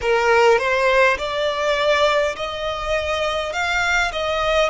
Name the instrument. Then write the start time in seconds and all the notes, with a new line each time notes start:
violin
0.01 A#4
0.58 C5
1.18 D5
2.36 D#5
3.52 F5
4.12 D#5